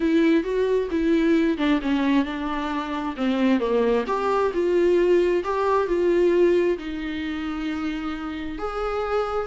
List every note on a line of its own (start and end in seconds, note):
0.00 0.43 E4
0.43 0.88 F#4
0.90 1.57 E4
1.57 1.80 D4
1.81 2.24 C#4
2.24 3.15 D4
3.16 3.59 C4
3.59 4.05 A#3
4.07 4.52 G4
4.53 5.43 F4
5.44 5.87 G4
5.87 6.77 F4
6.78 8.58 D#4
8.58 9.46 G#4